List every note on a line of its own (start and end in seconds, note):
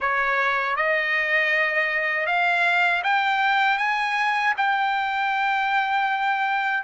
0.00 0.76 C#5
0.76 2.26 D#5
2.26 3.02 F5
3.03 3.78 G5
3.78 4.54 G#5
4.57 6.83 G5